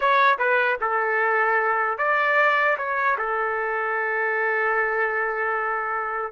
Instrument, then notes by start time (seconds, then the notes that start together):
trumpet
0.00 C#5
0.38 B4
0.80 A4
1.98 D5
2.77 C#5
3.18 A4